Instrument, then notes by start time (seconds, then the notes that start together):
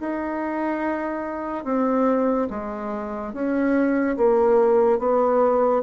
bassoon
0.00 D#4
1.64 C4
2.50 G#3
3.33 C#4
4.17 A#3
4.99 B3